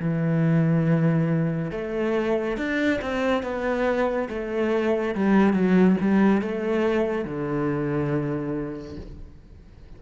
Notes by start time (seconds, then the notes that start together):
0.00 E3
1.72 A3
2.58 D4
3.02 C4
3.43 B3
4.29 A3
5.15 G3
5.54 F#3
6.01 G3
6.42 A3
7.25 D3